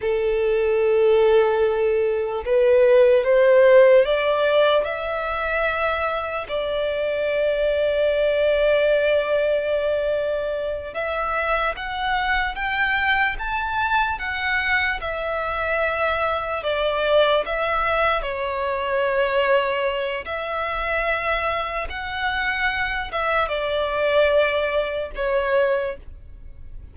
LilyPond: \new Staff \with { instrumentName = "violin" } { \time 4/4 \tempo 4 = 74 a'2. b'4 | c''4 d''4 e''2 | d''1~ | d''4. e''4 fis''4 g''8~ |
g''8 a''4 fis''4 e''4.~ | e''8 d''4 e''4 cis''4.~ | cis''4 e''2 fis''4~ | fis''8 e''8 d''2 cis''4 | }